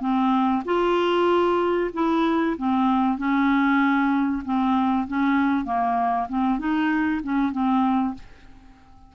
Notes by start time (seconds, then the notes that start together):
0.00 C4
0.65 F4
1.93 E4
2.57 C4
3.18 C#4
4.44 C4
5.07 C#4
5.65 A#3
6.29 C4
6.59 D#4
7.23 C#4
7.52 C4